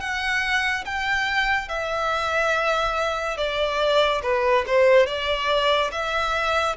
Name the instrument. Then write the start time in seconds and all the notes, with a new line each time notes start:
violin
0.00 F#5
0.85 G5
1.68 E5
3.37 D5
4.23 B4
4.67 C5
5.06 D5
5.92 E5